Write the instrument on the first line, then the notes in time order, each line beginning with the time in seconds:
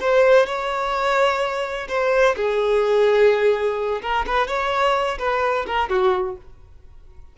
violin
0.00 C5
0.46 C#5
1.88 C5
2.36 G#4
4.02 A#4
4.26 B4
4.47 C#5
5.18 B4
5.66 A#4
5.89 F#4